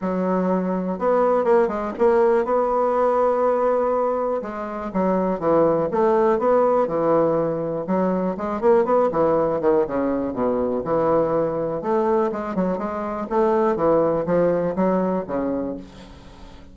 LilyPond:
\new Staff \with { instrumentName = "bassoon" } { \time 4/4 \tempo 4 = 122 fis2 b4 ais8 gis8 | ais4 b2.~ | b4 gis4 fis4 e4 | a4 b4 e2 |
fis4 gis8 ais8 b8 e4 dis8 | cis4 b,4 e2 | a4 gis8 fis8 gis4 a4 | e4 f4 fis4 cis4 | }